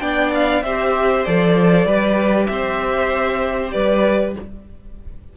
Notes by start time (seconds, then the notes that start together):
0.00 B3 D4 D5 G5
0.34 F5
0.63 C4 G4 C5 E5
1.25 F3 A4 D5
1.86 G3 G4 B4
2.46 C4 C5 E5
3.71 G3 B4 D5